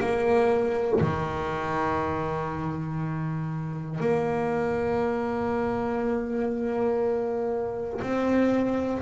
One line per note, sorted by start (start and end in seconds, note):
0.00 1.00 A#3
1.01 4.00 D#3
4.00 8.00 A#3
8.02 9.02 C4